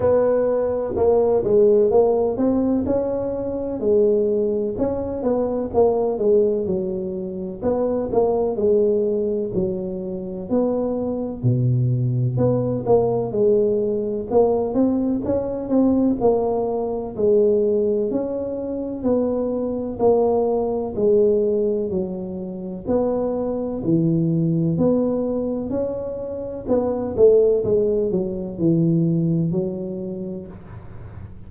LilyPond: \new Staff \with { instrumentName = "tuba" } { \time 4/4 \tempo 4 = 63 b4 ais8 gis8 ais8 c'8 cis'4 | gis4 cis'8 b8 ais8 gis8 fis4 | b8 ais8 gis4 fis4 b4 | b,4 b8 ais8 gis4 ais8 c'8 |
cis'8 c'8 ais4 gis4 cis'4 | b4 ais4 gis4 fis4 | b4 e4 b4 cis'4 | b8 a8 gis8 fis8 e4 fis4 | }